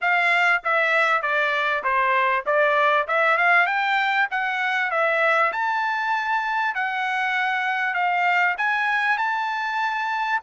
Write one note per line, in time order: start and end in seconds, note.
0.01 0.62 F5
0.64 1.21 E5
1.21 1.83 D5
1.83 2.44 C5
2.45 3.07 D5
3.07 3.37 E5
3.37 3.66 F5
3.66 4.27 G5
4.30 4.91 F#5
4.91 5.52 E5
5.52 6.74 A5
6.74 7.94 F#5
7.94 8.55 F5
8.57 9.17 G#5
9.17 10.40 A5